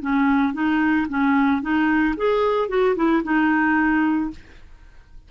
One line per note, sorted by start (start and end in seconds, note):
0.00 0.53 C#4
0.53 1.07 D#4
1.08 1.61 C#4
1.61 2.15 D#4
2.16 2.68 G#4
2.68 2.95 F#4
2.95 3.22 E4
3.23 4.30 D#4